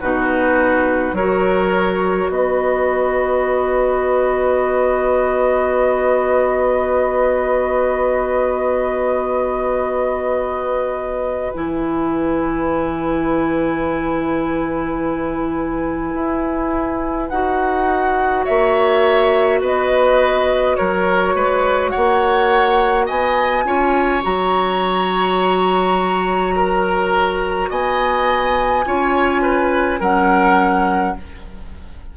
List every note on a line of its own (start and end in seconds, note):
0.00 1.12 B2
0.00 1.17 D#4
0.00 1.15 F#4
0.00 1.15 B4
1.12 2.28 F#3
1.12 11.54 F#4
1.12 2.31 A#4
1.12 2.31 C#5
2.28 11.51 B3
2.28 18.44 B4
2.28 11.53 D#5
11.53 16.14 E3
11.53 17.31 E4
11.53 17.29 G#5
16.14 17.29 E4
17.29 18.46 D#4
17.29 23.65 F#4
17.29 18.44 F#5
18.44 19.61 A#3
18.44 19.60 C#5
18.44 19.60 E5
19.61 20.76 B3
19.61 20.76 B4
19.61 20.76 D#5
20.76 21.35 F#3
20.76 21.35 A#4
20.76 21.90 C#5
21.35 21.93 G#3
21.35 21.91 B4
21.90 23.06 C#5
21.90 23.05 F#5
21.96 23.09 A#3
23.06 23.65 B3
23.06 23.63 D#5
23.06 24.23 G#5
23.65 24.22 C#4
23.65 24.22 F4
23.65 26.55 C#5
24.22 27.70 F#3
24.22 28.83 F#4
24.22 27.70 A#5
26.56 27.70 A#4
27.70 28.85 B3
27.70 28.85 D#5
27.70 30.01 G#5
28.86 30.00 C#4
28.86 30.01 F4
28.86 29.42 C#5
29.42 30.00 B4
30.00 31.15 F#3
30.00 31.16 C#4
30.00 31.15 A#4
30.00 31.17 F#5